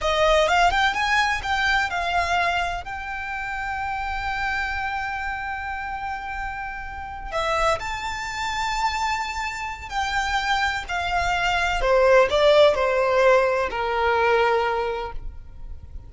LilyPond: \new Staff \with { instrumentName = "violin" } { \time 4/4 \tempo 4 = 127 dis''4 f''8 g''8 gis''4 g''4 | f''2 g''2~ | g''1~ | g''2.~ g''8 e''8~ |
e''8 a''2.~ a''8~ | a''4 g''2 f''4~ | f''4 c''4 d''4 c''4~ | c''4 ais'2. | }